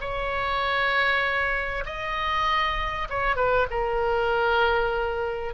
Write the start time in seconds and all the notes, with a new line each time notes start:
0.00 C#5
1.85 D#5
3.09 C#5
3.36 B4
3.70 A#4